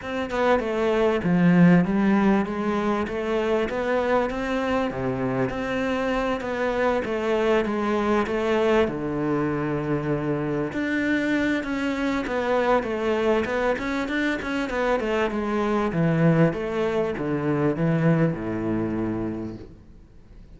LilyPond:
\new Staff \with { instrumentName = "cello" } { \time 4/4 \tempo 4 = 98 c'8 b8 a4 f4 g4 | gis4 a4 b4 c'4 | c4 c'4. b4 a8~ | a8 gis4 a4 d4.~ |
d4. d'4. cis'4 | b4 a4 b8 cis'8 d'8 cis'8 | b8 a8 gis4 e4 a4 | d4 e4 a,2 | }